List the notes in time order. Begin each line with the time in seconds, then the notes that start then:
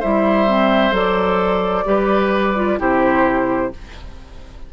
0.00 G3 E4 C5 E5
0.48 C4
0.92 F#3 A4 D5
1.85 G3 G4 B4
2.56 F4
2.79 C3 E4 G4 C5